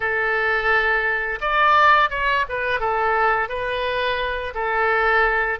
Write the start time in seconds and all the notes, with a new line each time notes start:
0.00 A4
1.40 D5
2.10 C#5
2.48 B4
2.80 A4
3.49 B4
4.54 A4